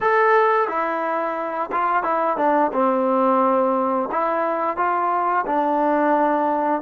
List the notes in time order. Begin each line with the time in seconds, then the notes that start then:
0.00 A4
0.68 E4
1.72 F4
2.03 E4
2.37 D4
2.72 C4
4.11 E4
4.77 F4
5.46 D4